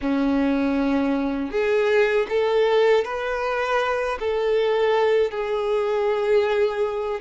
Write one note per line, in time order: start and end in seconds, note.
0.01 1.51 C#4
1.51 2.26 G#4
2.29 3.04 A4
3.04 4.18 B4
4.19 5.30 A4
5.30 7.20 G#4